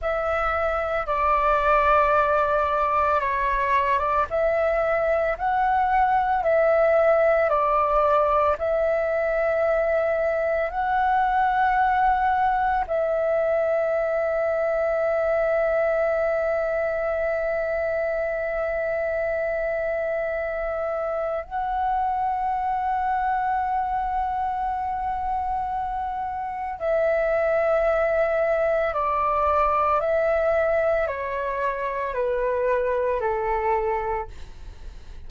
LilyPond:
\new Staff \with { instrumentName = "flute" } { \time 4/4 \tempo 4 = 56 e''4 d''2 cis''8. d''16 | e''4 fis''4 e''4 d''4 | e''2 fis''2 | e''1~ |
e''1 | fis''1~ | fis''4 e''2 d''4 | e''4 cis''4 b'4 a'4 | }